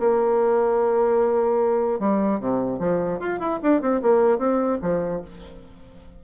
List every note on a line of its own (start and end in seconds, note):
0.00 2.00 A#3
2.00 2.40 G3
2.40 2.79 C3
2.79 3.20 F3
3.20 3.40 F4
3.40 3.60 E4
3.63 3.82 D4
3.82 4.02 C4
4.02 4.38 A#3
4.38 4.79 C4
4.82 5.22 F3